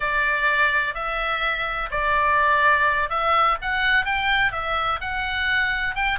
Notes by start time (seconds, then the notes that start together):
0.00 D5
0.94 E5
1.90 D5
3.09 E5
3.61 F#5
4.05 G5
4.52 E5
5.01 F#5
5.95 G5